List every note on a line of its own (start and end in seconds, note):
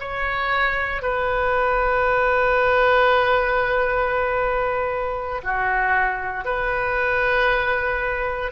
0.00 1.02 C#5
1.02 5.42 B4
5.44 6.45 F#4
6.45 8.52 B4